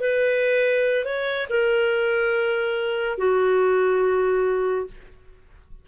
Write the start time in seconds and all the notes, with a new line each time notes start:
0.00 B4
1.05 C#5
1.49 A#4
3.18 F#4